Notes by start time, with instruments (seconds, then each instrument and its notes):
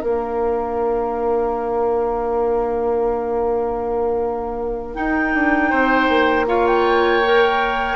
0.00 bassoon A#3, clarinet D4, oboe A#4, flute F5
4.94 clarinet D#4, bassoon D#4, flute G5
5.34 bassoon D4
5.70 bassoon C4, oboe C5
6.09 bassoon A#3
6.47 clarinet F4, oboe C#5, flute F5
6.67 flute G5
7.25 clarinet A#4